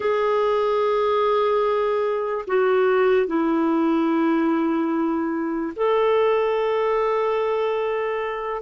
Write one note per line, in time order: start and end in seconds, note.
0.00 2.45 G#4
2.47 3.27 F#4
3.27 5.73 E4
5.76 8.62 A4